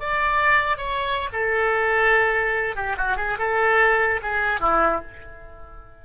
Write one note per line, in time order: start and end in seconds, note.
0.00 0.78 D5
0.78 1.29 C#5
1.33 2.76 A4
2.76 2.97 G4
2.98 3.17 F#4
3.17 3.38 G#4
3.39 4.21 A4
4.22 4.60 G#4
4.60 5.02 E4